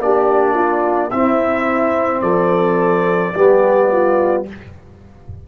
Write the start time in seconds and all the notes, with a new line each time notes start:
0.00 A#3 D4 G4 D5
0.55 F4
1.11 C4 E4 E5
2.22 F3 A4 D5
3.35 G3 B3 G4
3.93 F4